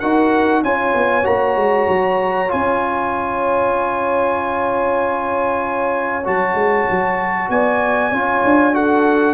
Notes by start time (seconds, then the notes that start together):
0.00 D#4 F#4 A#4 F#5
0.63 C#4 F4 C#5 G#5
0.94 B3
1.24 A#3 F#4 A#5
1.56 G#3
1.88 F#3
2.48 C#4 F4 G#5
6.25 F#3 F#4 A5
6.54 G#3
6.90 F#3
7.49 B3 D5 G#5
8.11 C#4 F4 C#5
8.44 D4
8.73 F#4 A4 F#5